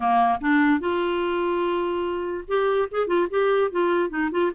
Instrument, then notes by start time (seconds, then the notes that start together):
clarinet
0.00 A#3
0.41 D4
0.80 F4
2.47 G4
2.91 G#4
3.07 F4
3.30 G4
3.71 F4
4.09 D#4
4.31 F4